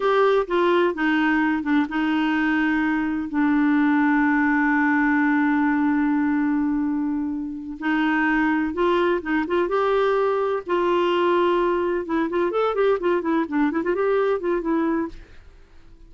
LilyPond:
\new Staff \with { instrumentName = "clarinet" } { \time 4/4 \tempo 4 = 127 g'4 f'4 dis'4. d'8 | dis'2. d'4~ | d'1~ | d'1~ |
d'8 dis'2 f'4 dis'8 | f'8 g'2 f'4.~ | f'4. e'8 f'8 a'8 g'8 f'8 | e'8 d'8 e'16 f'16 g'4 f'8 e'4 | }